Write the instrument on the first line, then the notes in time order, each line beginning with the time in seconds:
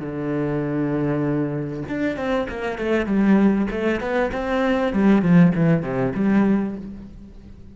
cello
0.00 D3
1.88 D4
2.17 C4
2.49 A#3
2.78 A3
3.06 G3
3.70 A3
4.01 B3
4.32 C4
4.93 G3
5.22 F3
5.55 E3
5.82 C3
6.14 G3